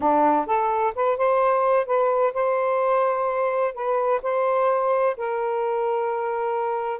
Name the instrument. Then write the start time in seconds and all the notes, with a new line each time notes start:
saxophone
0.00 D4
0.46 A4
0.95 B4
1.17 C5
1.86 B4
2.33 C5
3.74 B4
4.22 C5
5.16 A#4